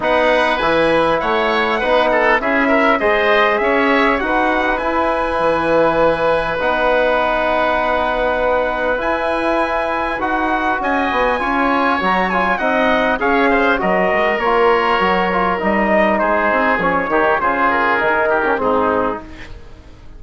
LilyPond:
<<
  \new Staff \with { instrumentName = "trumpet" } { \time 4/4 \tempo 4 = 100 fis''4 gis''4 fis''2 | e''4 dis''4 e''4 fis''4 | gis''2. fis''4~ | fis''2. gis''4~ |
gis''4 fis''4 gis''2 | ais''8 gis''8 fis''4 f''4 dis''4 | cis''2 dis''4 c''4 | cis''4 c''8 ais'4. gis'4 | }
  \new Staff \with { instrumentName = "oboe" } { \time 4/4 b'2 cis''4 b'8 a'8 | gis'8 ais'8 c''4 cis''4 b'4~ | b'1~ | b'1~ |
b'2 dis''4 cis''4~ | cis''4 dis''4 cis''8 c''8 ais'4~ | ais'2. gis'4~ | gis'8 g'8 gis'4. g'8 dis'4 | }
  \new Staff \with { instrumentName = "trombone" } { \time 4/4 dis'4 e'2 dis'4 | e'4 gis'2 fis'4 | e'2. dis'4~ | dis'2. e'4~ |
e'4 fis'2 f'4 | fis'8 f'8 dis'4 gis'4 fis'4 | f'4 fis'8 f'8 dis'2 | cis'8 dis'8 f'4 dis'8. cis'16 c'4 | }
  \new Staff \with { instrumentName = "bassoon" } { \time 4/4 b4 e4 a4 b4 | cis'4 gis4 cis'4 dis'4 | e'4 e2 b4~ | b2. e'4~ |
e'4 dis'4 cis'8 b8 cis'4 | fis4 c'4 cis'4 fis8 gis8 | ais4 fis4 g4 gis8 c'8 | f8 dis8 cis4 dis4 gis,4 | }
>>